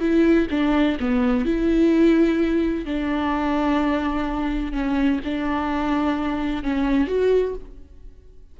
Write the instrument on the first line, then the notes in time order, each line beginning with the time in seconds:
viola
0.00 E4
0.50 D4
1.00 B3
1.45 E4
2.85 D4
4.72 C#4
5.24 D4
6.63 C#4
7.07 F#4